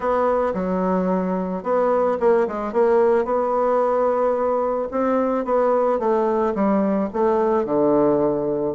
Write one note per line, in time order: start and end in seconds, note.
0.00 0.53 B3
0.54 1.63 F#3
1.63 2.17 B3
2.19 2.47 A#3
2.47 2.72 G#3
2.72 3.25 A#3
3.25 4.88 B3
4.91 5.44 C4
5.44 5.99 B3
5.99 6.53 A3
6.55 7.09 G3
7.13 7.65 A3
7.65 8.74 D3